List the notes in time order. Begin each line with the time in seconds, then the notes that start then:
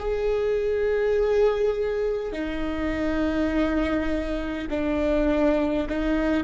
0.00 G#4
2.33 D#4
4.71 D4
5.89 D#4